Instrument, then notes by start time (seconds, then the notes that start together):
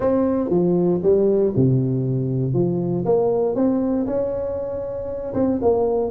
tuba
0.00 C4
0.49 F3
1.02 G3
1.56 C3
2.53 F3
3.05 A#3
3.55 C4
4.06 C#4
5.34 C4
5.61 A#3